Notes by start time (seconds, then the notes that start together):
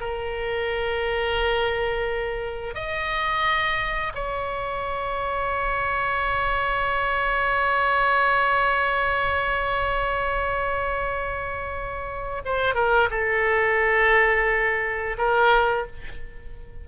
0.00 A#4
2.75 D#5
4.14 C#5
12.45 C5
12.75 A#4
13.10 A4
15.18 A#4